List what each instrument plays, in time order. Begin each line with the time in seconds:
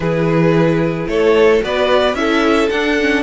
0.00 cello E3, viola E4, violin G#4 B4
1.07 cello A3, violin A4 C#5
1.61 cello B3, viola F#4, violin B4 D5
2.13 cello C#4, viola E4, violin A4 E5
2.69 cello D4, viola D4, violin F#5
2.99 viola C#4